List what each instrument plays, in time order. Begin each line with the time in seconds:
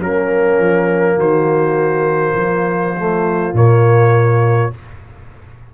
0.00 tuba F#3, trombone A#3, horn C#4, trumpet A#4
0.59 tuba F3
1.16 tuba D#3, horn F#4, trumpet C5
2.35 tuba F3, horn F4
2.96 trombone A3
3.53 tuba A#2, trombone A#3, trumpet C#5